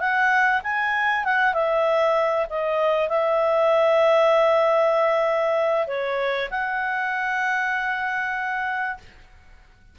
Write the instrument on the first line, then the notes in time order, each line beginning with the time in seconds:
clarinet
0.00 F#5
0.64 G#5
1.25 F#5
1.54 E5
2.50 D#5
3.09 E5
5.88 C#5
6.51 F#5